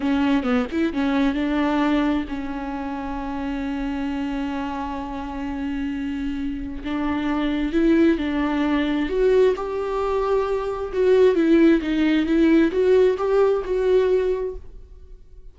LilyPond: \new Staff \with { instrumentName = "viola" } { \time 4/4 \tempo 4 = 132 cis'4 b8 e'8 cis'4 d'4~ | d'4 cis'2.~ | cis'1~ | cis'2. d'4~ |
d'4 e'4 d'2 | fis'4 g'2. | fis'4 e'4 dis'4 e'4 | fis'4 g'4 fis'2 | }